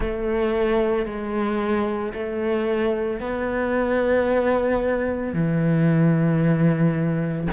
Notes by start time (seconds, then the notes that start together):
0.00 A3
1.05 G#3
2.13 A3
3.19 B3
5.33 E3